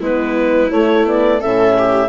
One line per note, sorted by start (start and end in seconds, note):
0.00 0.70 G#3
0.00 0.70 B3
0.00 1.40 E4
0.00 0.71 B4
0.71 1.41 A3
0.71 1.05 A3
0.71 1.06 C#5
1.05 1.40 B3
1.05 1.41 D5
1.40 2.09 A2
1.40 2.09 C#4
1.40 1.75 A4
1.40 2.09 E5
1.78 2.09 G4